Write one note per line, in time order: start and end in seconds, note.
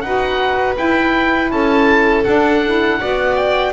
0.00 0.77 D#4
0.00 0.75 F#4
0.00 1.52 B4
0.00 0.74 F#5
0.75 2.23 E4
0.75 1.51 E4
0.75 1.51 G5
1.51 2.25 C#4
1.51 3.00 A4
1.51 2.24 A5
2.24 2.63 D4
2.24 3.01 D4
2.24 3.35 F#5
2.65 3.00 E4
3.00 3.73 B3
3.00 3.73 F#4
3.00 3.73 D5
3.35 3.73 G5